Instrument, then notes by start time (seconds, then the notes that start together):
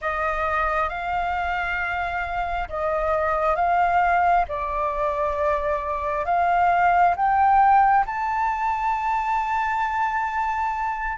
flute
0.01 D#5
0.89 F5
2.68 D#5
3.55 F5
4.48 D5
6.25 F5
7.16 G5
8.06 A5